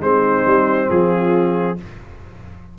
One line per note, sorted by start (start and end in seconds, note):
0.00 0.44 G#3
0.00 1.77 C4
0.00 0.88 D#4
0.00 0.90 C5
0.45 0.89 G3
0.88 1.78 F3
0.88 1.77 F4
0.88 1.78 G#4